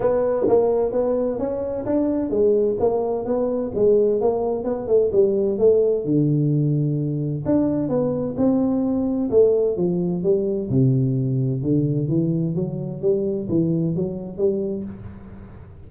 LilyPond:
\new Staff \with { instrumentName = "tuba" } { \time 4/4 \tempo 4 = 129 b4 ais4 b4 cis'4 | d'4 gis4 ais4 b4 | gis4 ais4 b8 a8 g4 | a4 d2. |
d'4 b4 c'2 | a4 f4 g4 c4~ | c4 d4 e4 fis4 | g4 e4 fis4 g4 | }